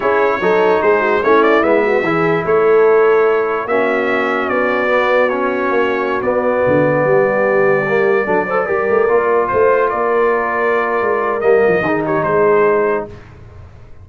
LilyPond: <<
  \new Staff \with { instrumentName = "trumpet" } { \time 4/4 \tempo 4 = 147 cis''2 c''4 cis''8 d''8 | e''2 cis''2~ | cis''4 e''2 d''4~ | d''4 cis''2~ cis''16 d''8.~ |
d''1~ | d''2.~ d''16 c''8.~ | c''16 d''2.~ d''8. | dis''4. cis''8 c''2 | }
  \new Staff \with { instrumentName = "horn" } { \time 4/4 gis'4 a'4 gis'8 fis'8 e'4~ | e'8 fis'8 gis'4 a'2~ | a'4 fis'2.~ | fis'1~ |
fis'4~ fis'16 g'2~ g'8.~ | g'16 a'8 c''8 ais'2 c''8.~ | c''16 ais'2.~ ais'8.~ | ais'4 gis'8 g'8 gis'2 | }
  \new Staff \with { instrumentName = "trombone" } { \time 4/4 e'4 dis'2 cis'4 | b4 e'2.~ | e'4 cis'2. | b4 cis'2~ cis'16 b8.~ |
b2.~ b16 ais8.~ | ais16 d'8 a'8 g'4 f'4.~ f'16~ | f'1 | ais4 dis'2. | }
  \new Staff \with { instrumentName = "tuba" } { \time 4/4 cis'4 fis4 gis4 a4 | gis4 e4 a2~ | a4 ais2 b4~ | b2 ais4~ ais16 b8.~ |
b16 d4 g2~ g8.~ | g16 fis4 g8 a8 ais4 a8.~ | a16 ais2~ ais8. gis4 | g8 f8 dis4 gis2 | }
>>